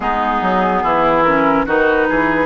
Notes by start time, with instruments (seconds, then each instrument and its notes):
0.00 bassoon G#3, clarinet B3, oboe D#4, flute G#4
0.41 bassoon F#3
0.83 bassoon E3, oboe E4
1.23 clarinet C#4, flute A#4
1.65 bassoon D#3, clarinet D#4, oboe F#4, flute B4
2.09 bassoon E3, oboe G#4